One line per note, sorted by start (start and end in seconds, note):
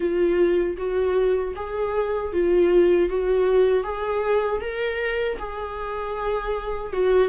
0.00 0.77 F4
0.77 1.54 F#4
1.55 2.32 G#4
2.33 3.09 F4
3.09 3.83 F#4
3.83 4.60 G#4
4.60 5.37 A#4
5.38 6.92 G#4
6.92 7.28 F#4